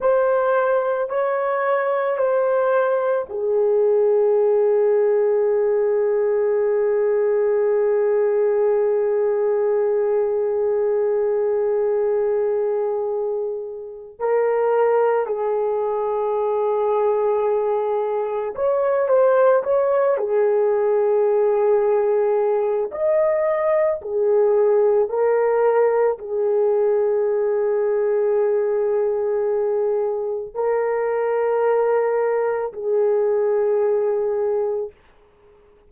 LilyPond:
\new Staff \with { instrumentName = "horn" } { \time 4/4 \tempo 4 = 55 c''4 cis''4 c''4 gis'4~ | gis'1~ | gis'1~ | gis'4 ais'4 gis'2~ |
gis'4 cis''8 c''8 cis''8 gis'4.~ | gis'4 dis''4 gis'4 ais'4 | gis'1 | ais'2 gis'2 | }